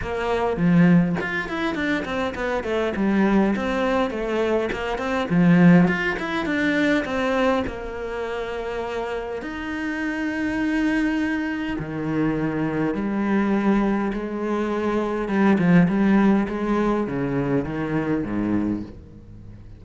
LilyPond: \new Staff \with { instrumentName = "cello" } { \time 4/4 \tempo 4 = 102 ais4 f4 f'8 e'8 d'8 c'8 | b8 a8 g4 c'4 a4 | ais8 c'8 f4 f'8 e'8 d'4 | c'4 ais2. |
dis'1 | dis2 g2 | gis2 g8 f8 g4 | gis4 cis4 dis4 gis,4 | }